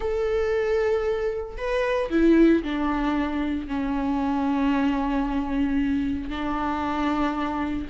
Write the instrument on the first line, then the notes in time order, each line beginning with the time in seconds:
viola
0.00 A4
1.57 B4
2.10 E4
2.63 D4
3.67 C#4
6.29 D4